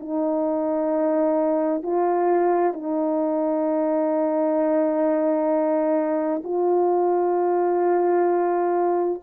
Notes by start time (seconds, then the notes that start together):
0.00 D#4
1.83 F4
2.73 D#4
6.44 F4